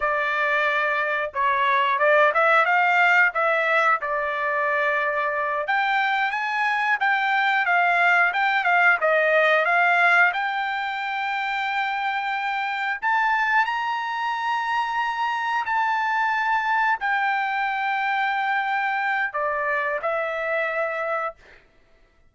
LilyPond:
\new Staff \with { instrumentName = "trumpet" } { \time 4/4 \tempo 4 = 90 d''2 cis''4 d''8 e''8 | f''4 e''4 d''2~ | d''8 g''4 gis''4 g''4 f''8~ | f''8 g''8 f''8 dis''4 f''4 g''8~ |
g''2.~ g''8 a''8~ | a''8 ais''2. a''8~ | a''4. g''2~ g''8~ | g''4 d''4 e''2 | }